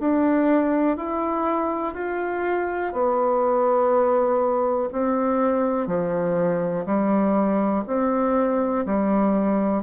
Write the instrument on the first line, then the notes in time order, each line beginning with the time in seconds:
bassoon
0.00 D4
0.97 E4
1.94 F4
2.93 B3
4.92 C4
5.87 F3
6.86 G3
7.87 C4
8.86 G3